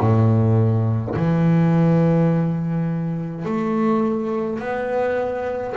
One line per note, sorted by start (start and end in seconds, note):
0.00 1.15 A2
1.16 3.45 E3
3.45 4.59 A3
4.59 5.75 B3